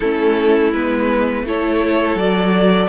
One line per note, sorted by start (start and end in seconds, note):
0.00 0.72 A3
0.00 0.74 C#4
0.00 1.44 E4
0.00 0.72 A4
0.72 1.43 G#3
0.72 1.46 B3
0.72 1.45 B4
1.43 2.15 A3
1.43 2.18 E4
1.43 2.88 A4
1.43 2.18 C#5
2.15 2.87 F#3
2.15 2.88 F#4
2.15 2.88 D5